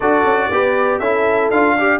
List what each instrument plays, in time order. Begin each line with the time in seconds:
0.00 tuba D4, trombone F#4, horn A4, trumpet D5
0.24 tuba C#4
0.50 tuba B3, trombone G4, horn B4
0.99 tuba C#4, trombone E4, horn A4, trumpet E5
1.50 tuba D4, trombone F4, trumpet F5
1.77 trombone G4, horn D5